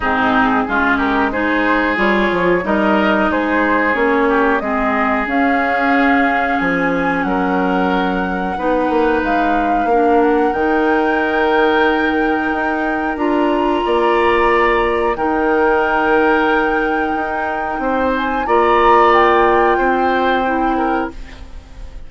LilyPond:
<<
  \new Staff \with { instrumentName = "flute" } { \time 4/4 \tempo 4 = 91 gis'4. ais'8 c''4 cis''4 | dis''4 c''4 cis''4 dis''4 | f''2 gis''4 fis''4~ | fis''2 f''4. fis''8 |
g''1 | ais''2. g''4~ | g''2.~ g''8 gis''8 | ais''4 g''2. | }
  \new Staff \with { instrumentName = "oboe" } { \time 4/4 dis'4 f'8 g'8 gis'2 | ais'4 gis'4. g'8 gis'4~ | gis'2. ais'4~ | ais'4 b'2 ais'4~ |
ais'1~ | ais'4 d''2 ais'4~ | ais'2. c''4 | d''2 c''4. ais'8 | }
  \new Staff \with { instrumentName = "clarinet" } { \time 4/4 c'4 cis'4 dis'4 f'4 | dis'2 cis'4 c'4 | cis'1~ | cis'4 dis'2 d'4 |
dis'1 | f'2. dis'4~ | dis'1 | f'2. e'4 | }
  \new Staff \with { instrumentName = "bassoon" } { \time 4/4 gis,4 gis2 g8 f8 | g4 gis4 ais4 gis4 | cis'2 f4 fis4~ | fis4 b8 ais8 gis4 ais4 |
dis2. dis'4 | d'4 ais2 dis4~ | dis2 dis'4 c'4 | ais2 c'2 | }
>>